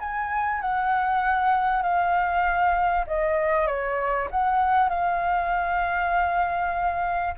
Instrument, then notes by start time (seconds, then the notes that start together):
flute
0.00 G#5
0.62 F#5
1.83 F5
3.07 D#5
3.67 C#5
4.31 F#5
4.90 F5